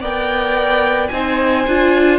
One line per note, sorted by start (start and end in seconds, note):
0.00 1.09 B3
0.00 1.11 A#4
0.00 1.09 D5
0.00 1.08 G5
1.08 1.66 C4
1.08 1.66 D#4
1.08 2.18 C5
1.08 2.17 G#5
1.67 2.18 D4
1.67 2.18 F4